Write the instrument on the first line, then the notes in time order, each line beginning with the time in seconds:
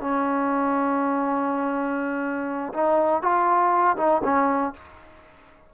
trombone
0.00 C#4
2.73 D#4
3.22 F4
3.97 D#4
4.24 C#4